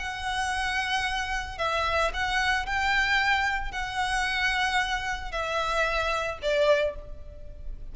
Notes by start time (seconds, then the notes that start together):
0.00 F#5
1.58 E5
2.14 F#5
2.67 G5
3.72 F#5
5.32 E5
6.43 D5